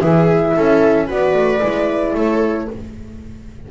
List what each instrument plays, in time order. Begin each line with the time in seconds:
0.00 double bass E3, horn E4, viola G#4, flute E5
0.55 double bass C#4, viola A4
1.06 double bass B3, horn F#4, viola B4, flute D5
1.34 double bass A3
1.62 double bass G#3, horn E4
2.15 double bass A3, viola A4, flute C#5